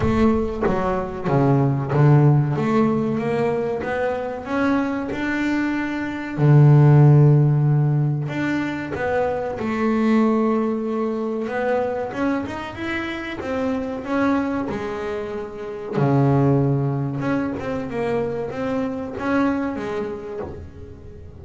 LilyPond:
\new Staff \with { instrumentName = "double bass" } { \time 4/4 \tempo 4 = 94 a4 fis4 cis4 d4 | a4 ais4 b4 cis'4 | d'2 d2~ | d4 d'4 b4 a4~ |
a2 b4 cis'8 dis'8 | e'4 c'4 cis'4 gis4~ | gis4 cis2 cis'8 c'8 | ais4 c'4 cis'4 gis4 | }